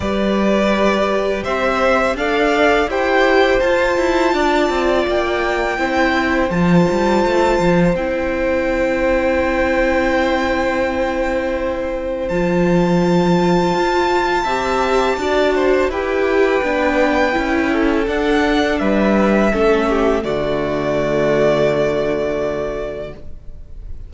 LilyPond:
<<
  \new Staff \with { instrumentName = "violin" } { \time 4/4 \tempo 4 = 83 d''2 e''4 f''4 | g''4 a''2 g''4~ | g''4 a''2 g''4~ | g''1~ |
g''4 a''2.~ | a''2 g''2~ | g''4 fis''4 e''2 | d''1 | }
  \new Staff \with { instrumentName = "violin" } { \time 4/4 b'2 c''4 d''4 | c''2 d''2 | c''1~ | c''1~ |
c''1 | e''4 d''8 c''8 b'2~ | b'8 a'4. b'4 a'8 g'8 | fis'1 | }
  \new Staff \with { instrumentName = "viola" } { \time 4/4 g'2. a'4 | g'4 f'2. | e'4 f'2 e'4~ | e'1~ |
e'4 f'2. | g'4 fis'4 g'4 d'4 | e'4 d'2 cis'4 | a1 | }
  \new Staff \with { instrumentName = "cello" } { \time 4/4 g2 c'4 d'4 | e'4 f'8 e'8 d'8 c'8 ais4 | c'4 f8 g8 a8 f8 c'4~ | c'1~ |
c'4 f2 f'4 | c'4 d'4 e'4 b4 | cis'4 d'4 g4 a4 | d1 | }
>>